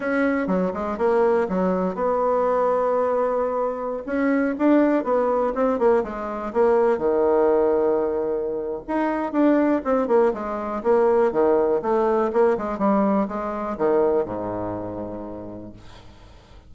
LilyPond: \new Staff \with { instrumentName = "bassoon" } { \time 4/4 \tempo 4 = 122 cis'4 fis8 gis8 ais4 fis4 | b1~ | b16 cis'4 d'4 b4 c'8 ais16~ | ais16 gis4 ais4 dis4.~ dis16~ |
dis2 dis'4 d'4 | c'8 ais8 gis4 ais4 dis4 | a4 ais8 gis8 g4 gis4 | dis4 gis,2. | }